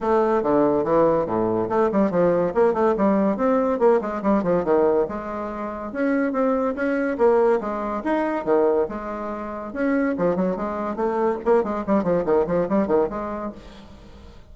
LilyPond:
\new Staff \with { instrumentName = "bassoon" } { \time 4/4 \tempo 4 = 142 a4 d4 e4 a,4 | a8 g8 f4 ais8 a8 g4 | c'4 ais8 gis8 g8 f8 dis4 | gis2 cis'4 c'4 |
cis'4 ais4 gis4 dis'4 | dis4 gis2 cis'4 | f8 fis8 gis4 a4 ais8 gis8 | g8 f8 dis8 f8 g8 dis8 gis4 | }